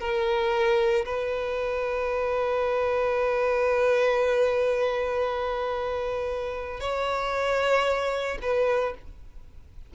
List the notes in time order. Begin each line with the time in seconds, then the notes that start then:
0.00 A#4
1.06 B4
6.81 C#5
8.42 B4